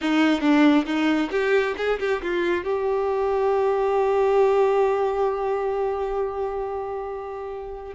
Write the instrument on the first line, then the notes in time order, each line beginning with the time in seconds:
violin
0.01 D#4
0.41 D4
0.85 D#4
1.31 G4
1.77 G#4
1.99 G4
2.22 F4
2.64 G4